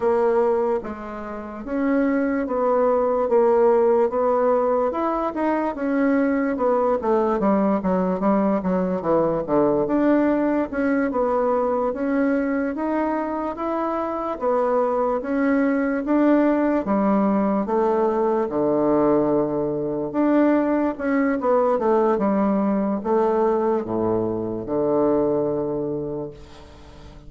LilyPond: \new Staff \with { instrumentName = "bassoon" } { \time 4/4 \tempo 4 = 73 ais4 gis4 cis'4 b4 | ais4 b4 e'8 dis'8 cis'4 | b8 a8 g8 fis8 g8 fis8 e8 d8 | d'4 cis'8 b4 cis'4 dis'8~ |
dis'8 e'4 b4 cis'4 d'8~ | d'8 g4 a4 d4.~ | d8 d'4 cis'8 b8 a8 g4 | a4 a,4 d2 | }